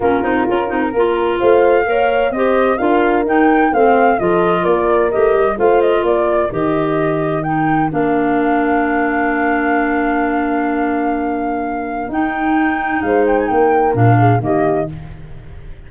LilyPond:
<<
  \new Staff \with { instrumentName = "flute" } { \time 4/4 \tempo 4 = 129 ais'2. f''4~ | f''4 dis''4 f''4 g''4 | f''4 dis''4 d''4 dis''4 | f''8 dis''8 d''4 dis''2 |
g''4 f''2.~ | f''1~ | f''2 g''2 | f''8 g''16 gis''16 g''4 f''4 dis''4 | }
  \new Staff \with { instrumentName = "horn" } { \time 4/4 f'2 ais'4 c''4 | cis''4 c''4 ais'2 | c''4 a'4 ais'2 | c''4 ais'2.~ |
ais'1~ | ais'1~ | ais'1 | c''4 ais'4. gis'8 g'4 | }
  \new Staff \with { instrumentName = "clarinet" } { \time 4/4 cis'8 dis'8 f'8 dis'8 f'2 | ais'4 g'4 f'4 dis'4 | c'4 f'2 g'4 | f'2 g'2 |
dis'4 d'2.~ | d'1~ | d'2 dis'2~ | dis'2 d'4 ais4 | }
  \new Staff \with { instrumentName = "tuba" } { \time 4/4 ais8 c'8 cis'8 c'8 ais4 a4 | ais4 c'4 d'4 dis'4 | a4 f4 ais4 a8 g8 | a4 ais4 dis2~ |
dis4 ais2.~ | ais1~ | ais2 dis'2 | gis4 ais4 ais,4 dis4 | }
>>